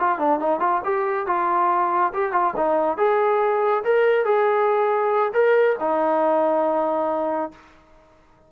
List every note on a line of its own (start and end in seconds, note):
0.00 0.19 F4
0.19 0.40 D4
0.40 0.60 D#4
0.60 0.82 F4
0.84 1.27 G4
1.27 2.13 F4
2.14 2.32 G4
2.32 2.54 F4
2.57 2.98 D#4
2.98 3.84 G#4
3.84 4.25 A#4
4.25 5.32 G#4
5.34 5.77 A#4
5.80 7.51 D#4